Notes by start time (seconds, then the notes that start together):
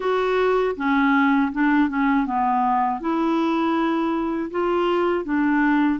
0.00 F#4
0.76 C#4
1.52 D4
1.88 C#4
2.25 B3
3.00 E4
4.50 F4
5.24 D4